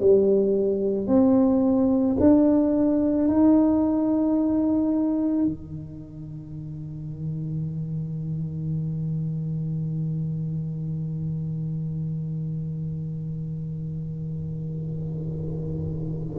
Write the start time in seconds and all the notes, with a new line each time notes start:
0.00 G3
1.07 C4
2.20 D4
3.28 D#4
5.45 D#3